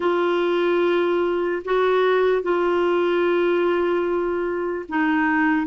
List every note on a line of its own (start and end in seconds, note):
0.00 1.62 F4
1.64 2.42 F#4
2.42 4.85 F4
4.89 5.66 D#4